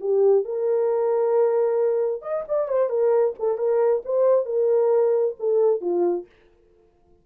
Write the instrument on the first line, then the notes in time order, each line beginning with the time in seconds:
horn
0.00 G4
0.45 A#4
2.22 D#5
2.48 D5
2.68 C5
2.90 A#4
3.39 A4
3.58 A#4
4.05 C5
4.45 A#4
5.39 A4
5.81 F4